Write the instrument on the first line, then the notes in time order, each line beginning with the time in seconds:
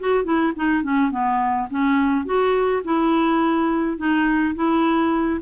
clarinet
0.00 F#4
0.24 E4
0.56 D#4
0.83 C#4
1.11 B3
1.71 C#4
2.26 F#4
2.84 E4
3.98 D#4
4.56 E4